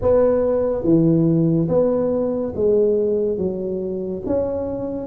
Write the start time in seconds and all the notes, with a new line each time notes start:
0.01 B3
0.83 E3
1.68 B3
2.55 G#3
3.37 F#3
4.26 C#4